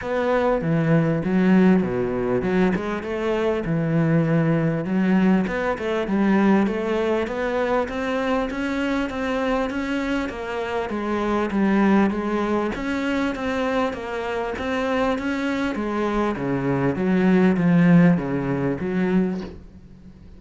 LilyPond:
\new Staff \with { instrumentName = "cello" } { \time 4/4 \tempo 4 = 99 b4 e4 fis4 b,4 | fis8 gis8 a4 e2 | fis4 b8 a8 g4 a4 | b4 c'4 cis'4 c'4 |
cis'4 ais4 gis4 g4 | gis4 cis'4 c'4 ais4 | c'4 cis'4 gis4 cis4 | fis4 f4 cis4 fis4 | }